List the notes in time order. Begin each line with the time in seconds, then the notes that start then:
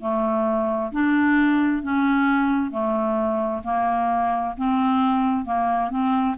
0.00 A3
0.92 D4
1.82 C#4
2.71 A3
3.64 A#3
4.57 C4
5.45 A#3
5.90 C4